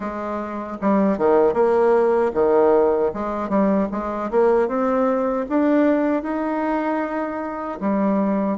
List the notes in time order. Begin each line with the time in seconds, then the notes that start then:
0.00 G#3
0.81 G3
1.18 D#3
1.53 A#3
2.34 D#3
3.13 G#3
3.49 G3
3.91 G#3
4.30 A#3
4.68 C4
5.49 D4
6.23 D#4
7.80 G3